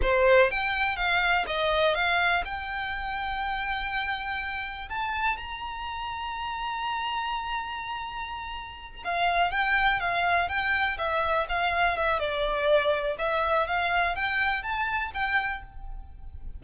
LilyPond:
\new Staff \with { instrumentName = "violin" } { \time 4/4 \tempo 4 = 123 c''4 g''4 f''4 dis''4 | f''4 g''2.~ | g''2 a''4 ais''4~ | ais''1~ |
ais''2~ ais''8 f''4 g''8~ | g''8 f''4 g''4 e''4 f''8~ | f''8 e''8 d''2 e''4 | f''4 g''4 a''4 g''4 | }